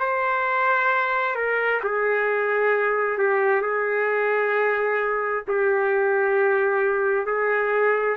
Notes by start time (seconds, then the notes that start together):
0.00 C5
1.35 A#4
1.83 G#4
3.18 G4
3.62 G#4
5.48 G4
7.26 G#4